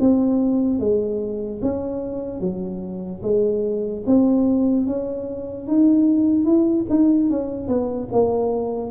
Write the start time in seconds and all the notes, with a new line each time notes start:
0.00 C4
0.79 G#3
1.62 C#4
2.40 F#3
3.22 G#3
4.07 C4
4.86 C#4
5.68 D#4
6.45 E4
6.89 D#4
7.30 C#4
7.68 B3
8.12 A#3